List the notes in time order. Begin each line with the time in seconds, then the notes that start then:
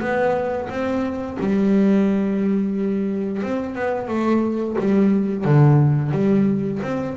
0.00 B3
0.69 C4
1.39 G3
3.42 C4
3.74 B3
4.08 A3
4.78 G3
5.44 D3
6.11 G3
6.82 C4